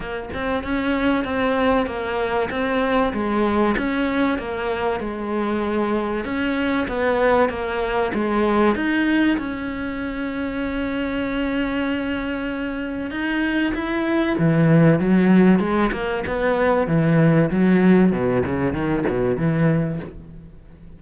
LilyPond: \new Staff \with { instrumentName = "cello" } { \time 4/4 \tempo 4 = 96 ais8 c'8 cis'4 c'4 ais4 | c'4 gis4 cis'4 ais4 | gis2 cis'4 b4 | ais4 gis4 dis'4 cis'4~ |
cis'1~ | cis'4 dis'4 e'4 e4 | fis4 gis8 ais8 b4 e4 | fis4 b,8 cis8 dis8 b,8 e4 | }